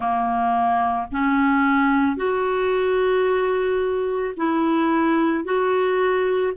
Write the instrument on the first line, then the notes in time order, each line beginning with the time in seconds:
clarinet
0.00 A#3
1.11 C#4
2.16 F#4
4.36 E4
5.44 F#4